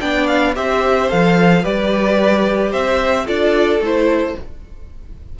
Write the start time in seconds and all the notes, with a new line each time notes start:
0.00 B3 D4 D5 G5
0.27 F5
0.55 C4 G4 C5 E5
1.09 F3 A4 F5
1.62 G3 G4 B4 D5
2.71 C4 C5 E5
3.25 D4 F4 A4 D5
3.80 A3 E4 C5